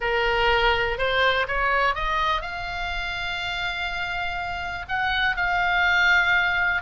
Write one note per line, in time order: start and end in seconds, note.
0.00 0.98 A#4
0.98 1.46 C5
1.47 1.94 C#5
1.94 2.41 D#5
2.41 4.85 F5
4.88 5.36 F#5
5.36 6.82 F5